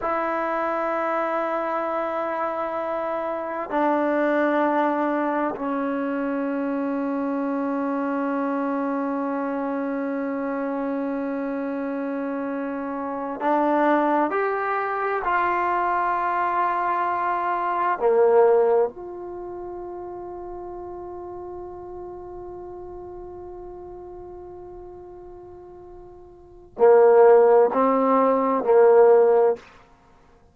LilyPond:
\new Staff \with { instrumentName = "trombone" } { \time 4/4 \tempo 4 = 65 e'1 | d'2 cis'2~ | cis'1~ | cis'2~ cis'8 d'4 g'8~ |
g'8 f'2. ais8~ | ais8 f'2.~ f'8~ | f'1~ | f'4 ais4 c'4 ais4 | }